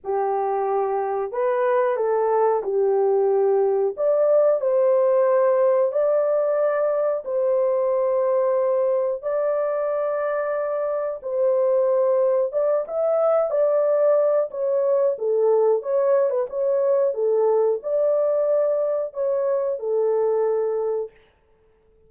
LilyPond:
\new Staff \with { instrumentName = "horn" } { \time 4/4 \tempo 4 = 91 g'2 b'4 a'4 | g'2 d''4 c''4~ | c''4 d''2 c''4~ | c''2 d''2~ |
d''4 c''2 d''8 e''8~ | e''8 d''4. cis''4 a'4 | cis''8. b'16 cis''4 a'4 d''4~ | d''4 cis''4 a'2 | }